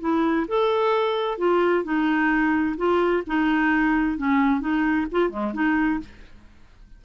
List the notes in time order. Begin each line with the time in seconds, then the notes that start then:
0.00 E4
0.48 A4
1.38 F4
1.84 D#4
2.77 F4
3.27 D#4
4.18 C#4
4.60 D#4
5.12 F4
5.30 G#3
5.54 D#4